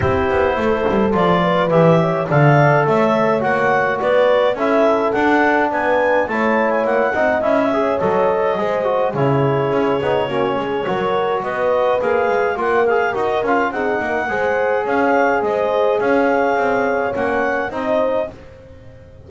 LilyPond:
<<
  \new Staff \with { instrumentName = "clarinet" } { \time 4/4 \tempo 4 = 105 c''2 d''4 e''4 | f''4 e''4 fis''4 d''4 | e''4 fis''4 gis''4 a''8. gis''16 | fis''4 e''4 dis''2 |
cis''1 | dis''4 f''4 fis''8 f''8 dis''8 f''8 | fis''2 f''4 dis''4 | f''2 fis''4 dis''4 | }
  \new Staff \with { instrumentName = "horn" } { \time 4/4 g'4 a'4. b'4 cis''8 | d''4 cis''2 b'4 | a'2 b'4 cis''4~ | cis''8 dis''4 cis''4. c''4 |
gis'2 fis'8 gis'8 ais'4 | b'2 ais'2 | gis'8 ais'8 c''4 cis''4 c''4 | cis''2. c''4 | }
  \new Staff \with { instrumentName = "trombone" } { \time 4/4 e'2 f'4 g'4 | a'2 fis'2 | e'4 d'2 e'4~ | e'8 dis'8 e'8 gis'8 a'4 gis'8 fis'8 |
e'4. dis'8 cis'4 fis'4~ | fis'4 gis'4 f'8 gis'8 fis'8 f'8 | dis'4 gis'2.~ | gis'2 cis'4 dis'4 | }
  \new Staff \with { instrumentName = "double bass" } { \time 4/4 c'8 b8 a8 g8 f4 e4 | d4 a4 ais4 b4 | cis'4 d'4 b4 a4 | ais8 c'8 cis'4 fis4 gis4 |
cis4 cis'8 b8 ais8 gis8 fis4 | b4 ais8 gis8 ais4 dis'8 cis'8 | c'8 ais8 gis4 cis'4 gis4 | cis'4 c'4 ais4 c'4 | }
>>